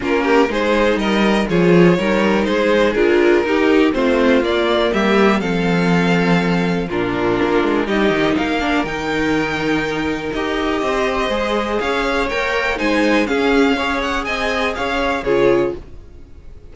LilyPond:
<<
  \new Staff \with { instrumentName = "violin" } { \time 4/4 \tempo 4 = 122 ais'4 c''4 dis''4 cis''4~ | cis''4 c''4 ais'2 | c''4 d''4 e''4 f''4~ | f''2 ais'2 |
dis''4 f''4 g''2~ | g''4 dis''2. | f''4 g''4 gis''4 f''4~ | f''8 fis''8 gis''4 f''4 cis''4 | }
  \new Staff \with { instrumentName = "violin" } { \time 4/4 f'8 g'8 gis'4 ais'4 gis'4 | ais'4 gis'2 g'4 | f'2 g'4 a'4~ | a'2 f'2 |
g'4 ais'2.~ | ais'2 c''2 | cis''2 c''4 gis'4 | cis''4 dis''4 cis''4 gis'4 | }
  \new Staff \with { instrumentName = "viola" } { \time 4/4 cis'4 dis'2 f'4 | dis'2 f'4 dis'4 | c'4 ais2 c'4~ | c'2 d'2 |
dis'4. d'8 dis'2~ | dis'4 g'2 gis'4~ | gis'4 ais'4 dis'4 cis'4 | gis'2. f'4 | }
  \new Staff \with { instrumentName = "cello" } { \time 4/4 ais4 gis4 g4 f4 | g4 gis4 d'4 dis'4 | a4 ais4 g4 f4~ | f2 ais,4 ais8 gis8 |
g8 dis8 ais4 dis2~ | dis4 dis'4 c'4 gis4 | cis'4 ais4 gis4 cis'4~ | cis'4 c'4 cis'4 cis4 | }
>>